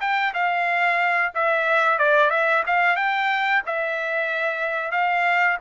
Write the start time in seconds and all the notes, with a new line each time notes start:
0.00 G5
0.33 F5
1.34 E5
1.98 D5
2.30 E5
2.66 F5
2.96 G5
3.66 E5
4.91 F5